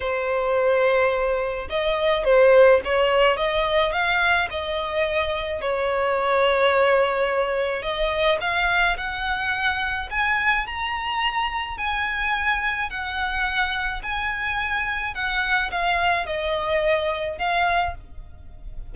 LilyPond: \new Staff \with { instrumentName = "violin" } { \time 4/4 \tempo 4 = 107 c''2. dis''4 | c''4 cis''4 dis''4 f''4 | dis''2 cis''2~ | cis''2 dis''4 f''4 |
fis''2 gis''4 ais''4~ | ais''4 gis''2 fis''4~ | fis''4 gis''2 fis''4 | f''4 dis''2 f''4 | }